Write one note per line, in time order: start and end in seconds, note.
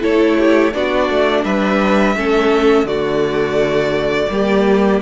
0.00 0.73 A3
0.00 0.71 E4
0.00 0.37 A4
0.00 0.73 C#5
0.38 0.74 G4
0.72 1.09 B3
0.72 2.15 D4
0.72 1.44 F#4
0.72 1.44 D5
1.09 1.44 A3
1.44 2.15 G3
1.44 2.16 B4
1.44 2.87 E5
2.15 2.84 A3
2.15 2.86 C#4
2.15 2.87 A4
2.84 4.26 D3
2.84 4.29 A3
2.84 4.30 F#4
2.84 5.01 D5
4.29 5.00 G3
4.29 5.02 A#3
4.29 5.02 G4